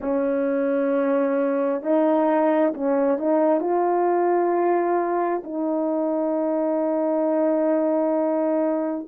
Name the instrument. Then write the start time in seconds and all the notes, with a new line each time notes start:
horn
0.00 C#4
1.82 D#4
2.74 C#4
3.18 D#4
3.60 F4
5.44 D#4